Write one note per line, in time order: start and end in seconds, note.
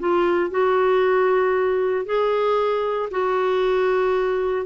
0.00 0.51 F4
0.51 2.06 F#4
2.06 3.09 G#4
3.11 4.66 F#4